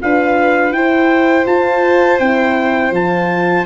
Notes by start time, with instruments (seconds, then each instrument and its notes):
0.00 tuba D4, horn F4, violin B4, trumpet F5
0.71 tuba E4, horn E4, violin C5, trumpet G5
1.45 tuba F4, horn F4, trumpet A5
2.19 tuba C4, horn E4, trumpet G5
2.91 tuba F3, horn F4, trumpet A5